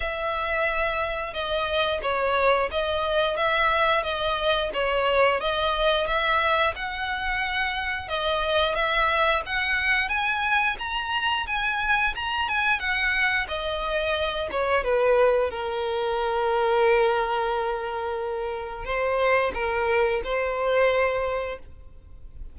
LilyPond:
\new Staff \with { instrumentName = "violin" } { \time 4/4 \tempo 4 = 89 e''2 dis''4 cis''4 | dis''4 e''4 dis''4 cis''4 | dis''4 e''4 fis''2 | dis''4 e''4 fis''4 gis''4 |
ais''4 gis''4 ais''8 gis''8 fis''4 | dis''4. cis''8 b'4 ais'4~ | ais'1 | c''4 ais'4 c''2 | }